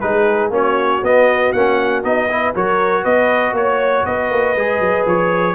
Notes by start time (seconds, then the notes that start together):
0.00 G#3 D#4 G#4 B4
0.50 A#3 C#4 F#4 C#5
1.03 B3 D#5
1.52 A#3 C#4 F#5
2.04 B3 D#4 D#5
2.29 E4 B4
2.55 F#3 F#4 A#4 C#5
3.03 B3 B4 D#5
3.53 A#3 C#5
4.05 B3 B4 D#5
4.31 A#3
4.56 G#3 G#4
4.80 F#3
5.06 F3 C#5